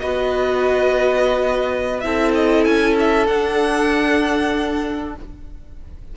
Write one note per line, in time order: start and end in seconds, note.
0.00 2.05 B3
0.00 2.04 F#4
0.00 2.04 B4
0.00 2.01 D#5
2.01 2.67 C4
2.01 3.29 E4
2.01 5.17 A4
2.01 2.32 E5
2.35 2.65 D#5
2.65 3.28 C#4
2.65 2.96 G#5
3.00 3.27 E5
3.27 5.15 D4
3.27 5.16 D4
3.27 5.15 F#5